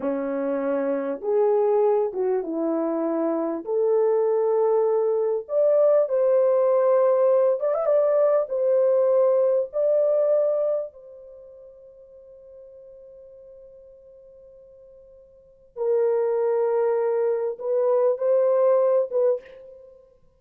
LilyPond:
\new Staff \with { instrumentName = "horn" } { \time 4/4 \tempo 4 = 99 cis'2 gis'4. fis'8 | e'2 a'2~ | a'4 d''4 c''2~ | c''8 d''16 e''16 d''4 c''2 |
d''2 c''2~ | c''1~ | c''2 ais'2~ | ais'4 b'4 c''4. b'8 | }